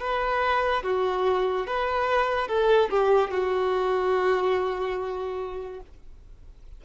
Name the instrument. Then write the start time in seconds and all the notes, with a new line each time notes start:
violin
0.00 B4
0.83 F#4
1.67 B4
2.48 A4
2.90 G4
3.31 F#4